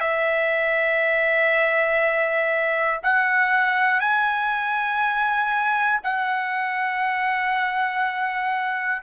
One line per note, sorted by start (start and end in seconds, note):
0.00 3.00 E5
3.03 4.00 F#5
4.00 6.00 G#5
6.03 9.02 F#5